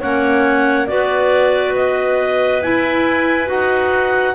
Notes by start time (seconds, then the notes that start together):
0.00 A#3 C#4 C#5 F#5
0.87 B3 F#4 B4 D5
1.76 D#5
2.62 E4 G#5
3.46 D#4 F#4 F#5